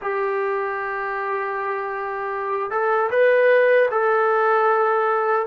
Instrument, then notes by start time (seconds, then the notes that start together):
trombone
0.01 G4
2.71 A4
3.10 B4
3.90 A4